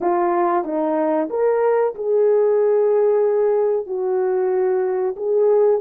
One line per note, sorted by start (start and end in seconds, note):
0.00 0.64 F4
0.64 1.28 D#4
1.30 1.94 A#4
1.94 3.86 G#4
3.86 5.15 F#4
5.16 5.81 G#4